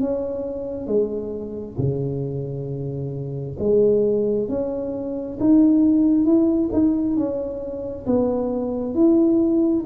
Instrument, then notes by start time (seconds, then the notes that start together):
tuba
0.00 C#4
0.87 G#3
1.77 C#3
3.59 G#3
4.48 C#4
5.40 D#4
6.25 E4
6.72 D#4
7.16 C#4
8.06 B3
8.94 E4